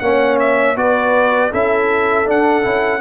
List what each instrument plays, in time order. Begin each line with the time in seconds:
0.00 tuba A#3, trombone C#4, horn C#5, trumpet F#5
0.40 trumpet E5
0.76 tuba B3, trombone F#4, horn B4, trumpet D5
1.51 tuba C#4, trombone E4, horn A4, trumpet E5
2.25 trombone D4, tuba D4, trumpet F#5
2.63 tuba C#4, trombone E4